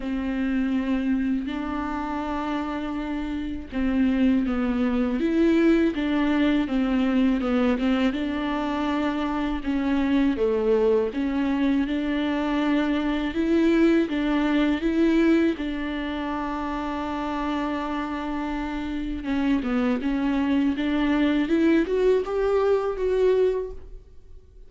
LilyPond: \new Staff \with { instrumentName = "viola" } { \time 4/4 \tempo 4 = 81 c'2 d'2~ | d'4 c'4 b4 e'4 | d'4 c'4 b8 c'8 d'4~ | d'4 cis'4 a4 cis'4 |
d'2 e'4 d'4 | e'4 d'2.~ | d'2 cis'8 b8 cis'4 | d'4 e'8 fis'8 g'4 fis'4 | }